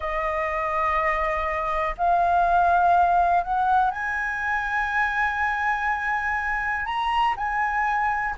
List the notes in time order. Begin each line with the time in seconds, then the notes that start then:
0.00 D#5
1.97 F5
3.43 F#5
3.90 G#5
6.85 A#5
7.36 G#5